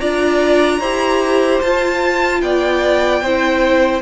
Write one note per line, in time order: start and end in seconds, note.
0.00 0.80 D4
0.00 0.80 F4
0.00 0.79 D5
0.00 1.60 A#5
0.79 1.60 E4
0.79 1.63 G4
0.79 2.39 C5
1.61 2.42 F4
1.61 3.23 F4
1.61 2.41 A5
2.42 3.22 B3
2.42 3.23 D5
2.42 4.02 G5
3.22 4.02 C4
3.22 4.02 E4
3.22 4.02 C5